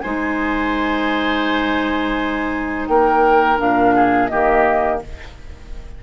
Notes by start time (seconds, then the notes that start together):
0.00 G#3 D#4 C5 G#5
2.87 A#3 A#4 G5
3.58 A#2 D4 F5
3.95 G#4
4.27 D#3 A#3 G4 D#5